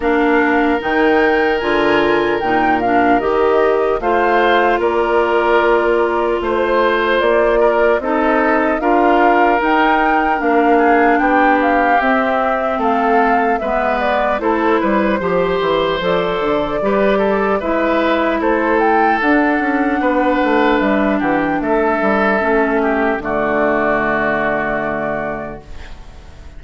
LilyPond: <<
  \new Staff \with { instrumentName = "flute" } { \time 4/4 \tempo 4 = 75 f''4 g''4 gis''4 g''8 f''8 | dis''4 f''4 d''2 | c''4 d''4 dis''4 f''4 | g''4 f''4 g''8 f''8 e''4 |
f''4 e''8 d''8 c''2 | d''2 e''4 c''8 g''8 | fis''2 e''8 fis''16 g''16 e''4~ | e''4 d''2. | }
  \new Staff \with { instrumentName = "oboe" } { \time 4/4 ais'1~ | ais'4 c''4 ais'2 | c''4. ais'8 a'4 ais'4~ | ais'4. gis'8 g'2 |
a'4 b'4 a'8 b'8 c''4~ | c''4 b'8 a'8 b'4 a'4~ | a'4 b'4. g'8 a'4~ | a'8 g'8 fis'2. | }
  \new Staff \with { instrumentName = "clarinet" } { \time 4/4 d'4 dis'4 f'4 dis'8 d'8 | g'4 f'2.~ | f'2 dis'4 f'4 | dis'4 d'2 c'4~ |
c'4 b4 e'4 g'4 | a'4 g'4 e'2 | d'1 | cis'4 a2. | }
  \new Staff \with { instrumentName = "bassoon" } { \time 4/4 ais4 dis4 d4 ais,4 | dis4 a4 ais2 | a4 ais4 c'4 d'4 | dis'4 ais4 b4 c'4 |
a4 gis4 a8 g8 f8 e8 | f8 d8 g4 gis4 a4 | d'8 cis'8 b8 a8 g8 e8 a8 g8 | a4 d2. | }
>>